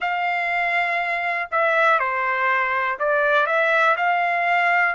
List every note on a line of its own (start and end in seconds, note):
0.00 1.49 F5
1.51 1.99 E5
1.99 2.98 C5
2.99 3.46 D5
3.46 3.95 E5
3.96 4.95 F5